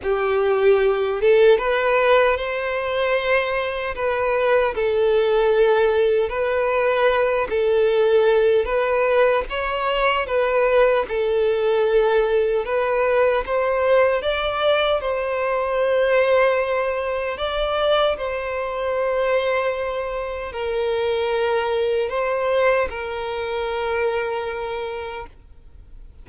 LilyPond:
\new Staff \with { instrumentName = "violin" } { \time 4/4 \tempo 4 = 76 g'4. a'8 b'4 c''4~ | c''4 b'4 a'2 | b'4. a'4. b'4 | cis''4 b'4 a'2 |
b'4 c''4 d''4 c''4~ | c''2 d''4 c''4~ | c''2 ais'2 | c''4 ais'2. | }